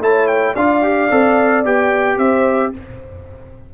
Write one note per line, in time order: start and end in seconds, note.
0.00 0.55 A3
0.00 0.55 E4
0.00 0.54 C#5
0.00 0.27 A5
0.27 0.55 G5
0.54 1.10 D4
0.54 0.82 F4
0.54 2.17 D5
0.54 1.65 F5
0.82 1.09 G4
1.11 1.65 C4
1.11 1.65 A4
1.65 2.18 B3
1.65 2.74 G4
1.65 2.18 G5
2.17 2.72 C4
2.17 2.72 C5
2.17 2.73 E5